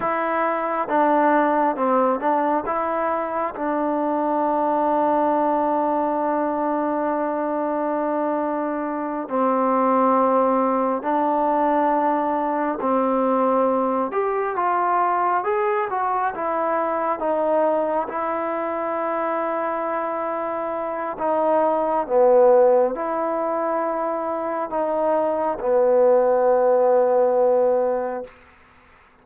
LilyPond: \new Staff \with { instrumentName = "trombone" } { \time 4/4 \tempo 4 = 68 e'4 d'4 c'8 d'8 e'4 | d'1~ | d'2~ d'8 c'4.~ | c'8 d'2 c'4. |
g'8 f'4 gis'8 fis'8 e'4 dis'8~ | dis'8 e'2.~ e'8 | dis'4 b4 e'2 | dis'4 b2. | }